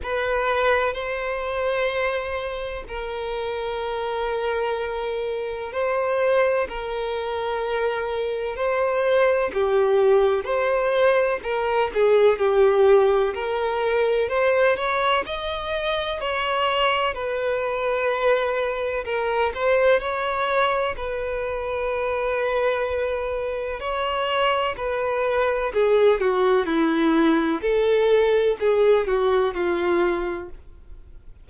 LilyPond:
\new Staff \with { instrumentName = "violin" } { \time 4/4 \tempo 4 = 63 b'4 c''2 ais'4~ | ais'2 c''4 ais'4~ | ais'4 c''4 g'4 c''4 | ais'8 gis'8 g'4 ais'4 c''8 cis''8 |
dis''4 cis''4 b'2 | ais'8 c''8 cis''4 b'2~ | b'4 cis''4 b'4 gis'8 fis'8 | e'4 a'4 gis'8 fis'8 f'4 | }